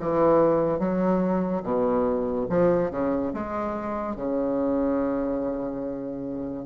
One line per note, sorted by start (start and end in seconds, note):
0.00 0.79 E3
0.79 1.62 F#3
1.63 2.47 B2
2.50 2.91 F3
2.91 3.33 C#3
3.33 4.16 G#3
4.16 6.66 C#3